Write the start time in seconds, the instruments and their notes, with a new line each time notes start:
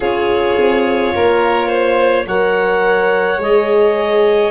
0.00 tuba C#4, horn F4, violin G#4, clarinet C#5
0.58 tuba C4
1.14 tuba A#3, violin A#4
1.68 violin C5
2.26 tuba F#3, horn A#4, violin C#5, clarinet F#5
3.38 tuba G#3, horn G#4, clarinet D#5